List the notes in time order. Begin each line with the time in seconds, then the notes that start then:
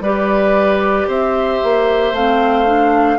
0.00 G3 G4 B4 D5
1.07 C4 C5 E5
1.63 A#3
2.12 A3 C4 F5
2.66 D4